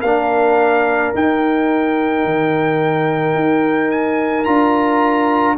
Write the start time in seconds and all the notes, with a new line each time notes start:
0.00 A#3 D4 A#4 F5
1.15 D#4 G5
2.25 D#3
3.35 D#4
3.92 G#5
4.45 D4 F4 A#5